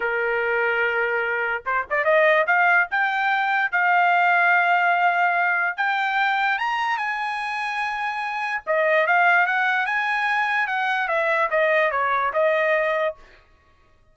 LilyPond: \new Staff \with { instrumentName = "trumpet" } { \time 4/4 \tempo 4 = 146 ais'1 | c''8 d''8 dis''4 f''4 g''4~ | g''4 f''2.~ | f''2 g''2 |
ais''4 gis''2.~ | gis''4 dis''4 f''4 fis''4 | gis''2 fis''4 e''4 | dis''4 cis''4 dis''2 | }